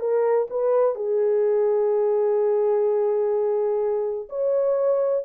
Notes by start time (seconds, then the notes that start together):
0.00 A#4
0.50 B4
0.95 G#4
4.29 C#5